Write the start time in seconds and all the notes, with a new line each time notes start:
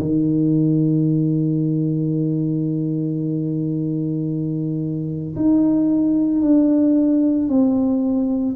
0.00 D#3
5.36 D#4
6.42 D4
7.49 C4